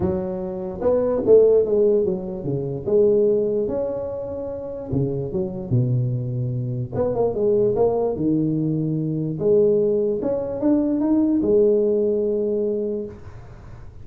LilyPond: \new Staff \with { instrumentName = "tuba" } { \time 4/4 \tempo 4 = 147 fis2 b4 a4 | gis4 fis4 cis4 gis4~ | gis4 cis'2. | cis4 fis4 b,2~ |
b,4 b8 ais8 gis4 ais4 | dis2. gis4~ | gis4 cis'4 d'4 dis'4 | gis1 | }